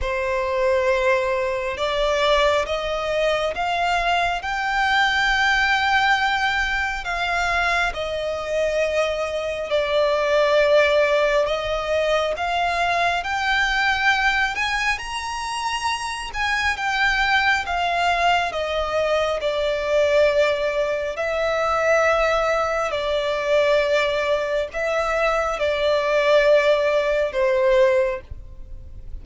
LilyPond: \new Staff \with { instrumentName = "violin" } { \time 4/4 \tempo 4 = 68 c''2 d''4 dis''4 | f''4 g''2. | f''4 dis''2 d''4~ | d''4 dis''4 f''4 g''4~ |
g''8 gis''8 ais''4. gis''8 g''4 | f''4 dis''4 d''2 | e''2 d''2 | e''4 d''2 c''4 | }